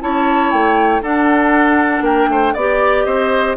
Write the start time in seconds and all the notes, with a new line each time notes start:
0.00 C#4 E4 C#5 A5
0.51 A3 G5
1.02 D4 A4 F#5
2.01 A#3 A#4 G5
2.28 A3 C5
2.54 B3 G4 D5
3.05 C4 C5 D#5